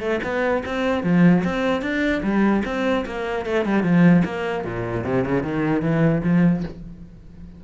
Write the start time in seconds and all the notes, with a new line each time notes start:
0.00 A3
0.24 B3
0.66 C4
1.04 F3
1.44 C4
1.82 D4
2.23 G3
2.65 C4
3.06 A#3
3.46 A3
3.66 G3
3.83 F3
4.25 A#3
4.65 A#2
5.05 C3
5.24 C#3
5.43 D#3
5.82 E3
6.24 F3